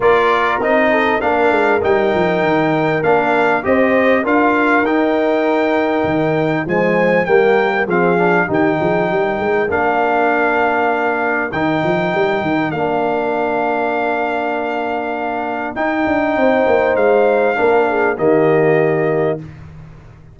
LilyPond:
<<
  \new Staff \with { instrumentName = "trumpet" } { \time 4/4 \tempo 4 = 99 d''4 dis''4 f''4 g''4~ | g''4 f''4 dis''4 f''4 | g''2. gis''4 | g''4 f''4 g''2 |
f''2. g''4~ | g''4 f''2.~ | f''2 g''2 | f''2 dis''2 | }
  \new Staff \with { instrumentName = "horn" } { \time 4/4 ais'4. a'8 ais'2~ | ais'2 c''4 ais'4~ | ais'2. c''4 | ais'4 gis'4 g'8 gis'8 ais'4~ |
ais'1~ | ais'1~ | ais'2. c''4~ | c''4 ais'8 gis'8 g'2 | }
  \new Staff \with { instrumentName = "trombone" } { \time 4/4 f'4 dis'4 d'4 dis'4~ | dis'4 d'4 g'4 f'4 | dis'2. gis4 | ais4 c'8 d'8 dis'2 |
d'2. dis'4~ | dis'4 d'2.~ | d'2 dis'2~ | dis'4 d'4 ais2 | }
  \new Staff \with { instrumentName = "tuba" } { \time 4/4 ais4 c'4 ais8 gis8 g8 f8 | dis4 ais4 c'4 d'4 | dis'2 dis4 f4 | g4 f4 dis8 f8 g8 gis8 |
ais2. dis8 f8 | g8 dis8 ais2.~ | ais2 dis'8 d'8 c'8 ais8 | gis4 ais4 dis2 | }
>>